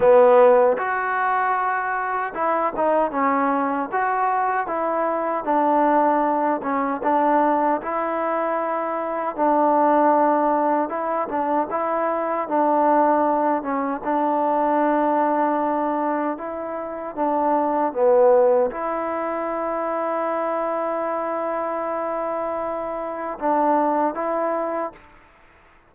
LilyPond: \new Staff \with { instrumentName = "trombone" } { \time 4/4 \tempo 4 = 77 b4 fis'2 e'8 dis'8 | cis'4 fis'4 e'4 d'4~ | d'8 cis'8 d'4 e'2 | d'2 e'8 d'8 e'4 |
d'4. cis'8 d'2~ | d'4 e'4 d'4 b4 | e'1~ | e'2 d'4 e'4 | }